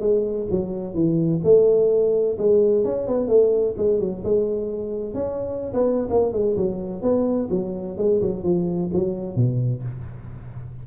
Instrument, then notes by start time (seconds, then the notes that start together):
tuba
0.00 G#3
0.50 F#3
0.94 E3
1.43 A3
2.38 G#3
2.84 C#4
3.07 B3
3.28 A3
3.77 G#3
4.00 F#3
4.24 G#3
5.14 C#4
5.73 B3
6.10 A#3
6.32 G#3
6.56 F#3
7.02 B3
7.50 F#3
7.97 G#3
8.21 F#3
8.43 F3
8.93 F#3
9.35 B2